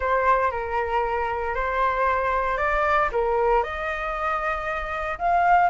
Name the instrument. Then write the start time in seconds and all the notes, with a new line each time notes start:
flute
0.00 C5
0.51 A#4
1.54 C5
2.57 D5
3.12 A#4
3.63 D#5
5.18 F5